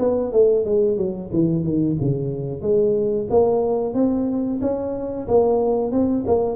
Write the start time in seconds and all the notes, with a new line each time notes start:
0.00 B3
0.33 A3
0.66 G#3
0.98 F#3
1.33 E3
1.64 D#3
2.01 C#3
2.62 G#3
3.30 A#3
3.94 C4
4.62 C#4
5.28 A#3
5.92 C4
6.27 A#3